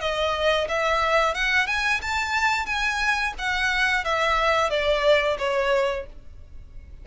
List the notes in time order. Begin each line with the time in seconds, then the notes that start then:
0.00 D#5
0.68 E5
1.34 F#5
1.67 G#5
2.02 A5
2.66 G#5
3.38 F#5
4.04 E5
4.70 D5
5.38 C#5